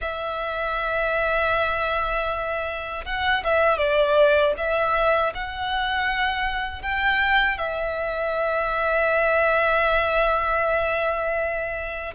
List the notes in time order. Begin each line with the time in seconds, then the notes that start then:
0.01 E5
3.05 F#5
3.43 E5
3.77 D5
4.57 E5
5.34 F#5
6.81 G5
7.58 E5